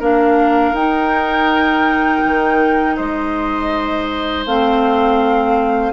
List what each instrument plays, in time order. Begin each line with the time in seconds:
0.00 bassoon A#3, clarinet D4, oboe A#4, flute F5
0.72 bassoon D#4, clarinet D#4, flute G5
2.24 bassoon D#3
2.97 bassoon G#3, oboe C5, flute D#5
4.46 bassoon A3, clarinet C4, flute F5